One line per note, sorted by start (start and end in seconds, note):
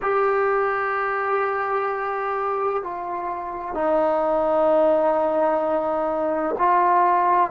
0.02 2.83 G4
2.83 3.74 F4
3.74 6.55 D#4
6.58 7.50 F4